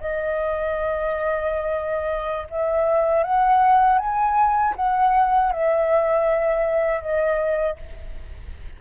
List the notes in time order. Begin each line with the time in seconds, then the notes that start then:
0.00 D#5
2.50 E5
3.23 F#5
3.98 G#5
4.76 F#5
5.52 E5
7.00 D#5